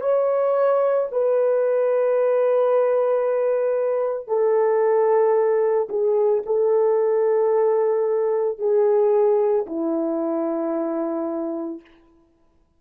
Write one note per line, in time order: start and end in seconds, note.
0.00 1.07 C#5
1.12 4.27 B4
4.27 5.88 A4
5.89 6.42 G#4
6.46 8.58 A4
8.58 9.65 G#4
9.66 11.81 E4